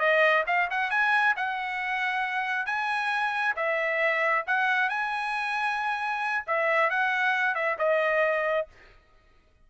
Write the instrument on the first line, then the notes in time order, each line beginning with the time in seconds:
trumpet
0.00 D#5
0.47 F5
0.71 F#5
0.91 G#5
1.37 F#5
2.66 G#5
3.56 E5
4.47 F#5
4.90 G#5
6.47 E5
6.91 F#5
7.55 E5
7.79 D#5